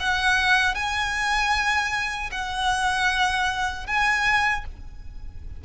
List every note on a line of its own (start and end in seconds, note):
0.00 0.75 F#5
0.75 2.31 G#5
2.32 3.87 F#5
3.87 4.65 G#5